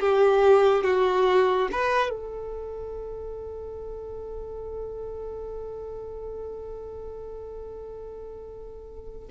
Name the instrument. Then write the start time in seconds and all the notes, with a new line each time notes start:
violin
0.00 G4
0.84 F#4
1.72 B4
2.10 A4